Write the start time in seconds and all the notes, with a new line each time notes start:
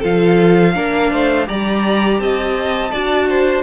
0.00 F3 F4 A4 F5
0.75 A#3 D4 A#4
1.11 A3 C5
1.46 G3 G4 D5 A#5
2.19 C4 D#5 A5
2.91 D4 F#4 D5
3.29 C5